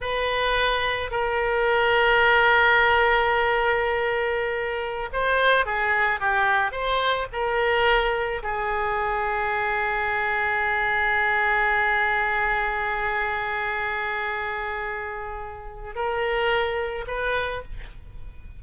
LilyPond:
\new Staff \with { instrumentName = "oboe" } { \time 4/4 \tempo 4 = 109 b'2 ais'2~ | ais'1~ | ais'4~ ais'16 c''4 gis'4 g'8.~ | g'16 c''4 ais'2 gis'8.~ |
gis'1~ | gis'1~ | gis'1~ | gis'4 ais'2 b'4 | }